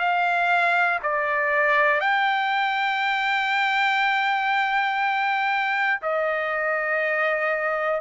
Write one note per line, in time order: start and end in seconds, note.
0.00 1.00 F5
1.03 2.01 D5
2.01 6.01 G5
6.02 8.01 D#5